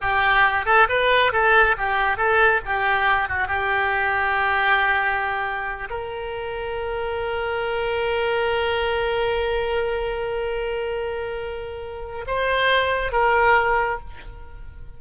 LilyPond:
\new Staff \with { instrumentName = "oboe" } { \time 4/4 \tempo 4 = 137 g'4. a'8 b'4 a'4 | g'4 a'4 g'4. fis'8 | g'1~ | g'4. ais'2~ ais'8~ |
ais'1~ | ais'1~ | ais'1 | c''2 ais'2 | }